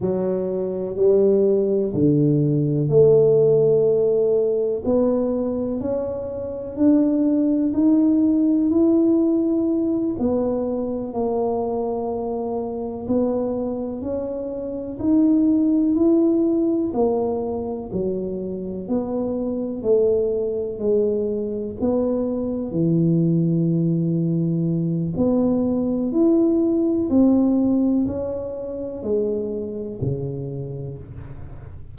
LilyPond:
\new Staff \with { instrumentName = "tuba" } { \time 4/4 \tempo 4 = 62 fis4 g4 d4 a4~ | a4 b4 cis'4 d'4 | dis'4 e'4. b4 ais8~ | ais4. b4 cis'4 dis'8~ |
dis'8 e'4 ais4 fis4 b8~ | b8 a4 gis4 b4 e8~ | e2 b4 e'4 | c'4 cis'4 gis4 cis4 | }